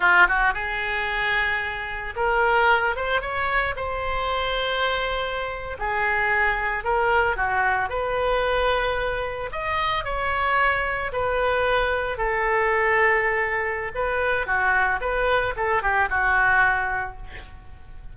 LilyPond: \new Staff \with { instrumentName = "oboe" } { \time 4/4 \tempo 4 = 112 f'8 fis'8 gis'2. | ais'4. c''8 cis''4 c''4~ | c''2~ c''8. gis'4~ gis'16~ | gis'8. ais'4 fis'4 b'4~ b'16~ |
b'4.~ b'16 dis''4 cis''4~ cis''16~ | cis''8. b'2 a'4~ a'16~ | a'2 b'4 fis'4 | b'4 a'8 g'8 fis'2 | }